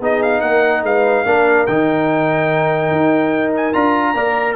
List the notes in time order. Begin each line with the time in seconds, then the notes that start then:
0.00 B3 D#4 G#4 D#5
0.22 F5
0.41 A#3 A#4 F#5
0.83 G#3 B4 F5
1.25 A#3 D4 A#4
1.66 D#3 D#4 G5
2.91 D#4
3.56 G#5
3.73 D4 F4 A#5
4.14 A#3 A#4 D5